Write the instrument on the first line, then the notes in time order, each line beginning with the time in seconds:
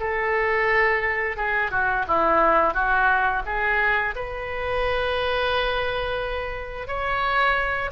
oboe
0.00 A4
1.37 G#4
1.71 F#4
2.07 E4
2.74 F#4
3.46 G#4
4.15 B4
6.87 C#5